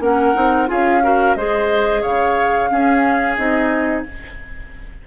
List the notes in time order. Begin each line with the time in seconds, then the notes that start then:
0.00 A#3 C#4 A#4 F#5
0.35 C4 D#4
0.67 C#4 F4 G#4 F5
1.03 F#4 A#4
1.35 G#3 G#4 C5 D#5
2.02 C#3 C#5 F5
2.71 C#4 G#4
3.36 C4 D#4 D#5